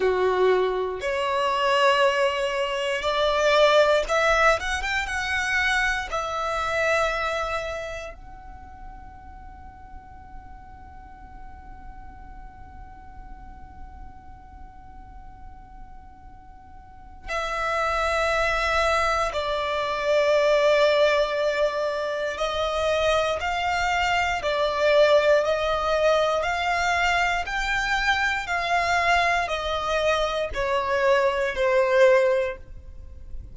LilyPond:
\new Staff \with { instrumentName = "violin" } { \time 4/4 \tempo 4 = 59 fis'4 cis''2 d''4 | e''8 fis''16 g''16 fis''4 e''2 | fis''1~ | fis''1~ |
fis''4 e''2 d''4~ | d''2 dis''4 f''4 | d''4 dis''4 f''4 g''4 | f''4 dis''4 cis''4 c''4 | }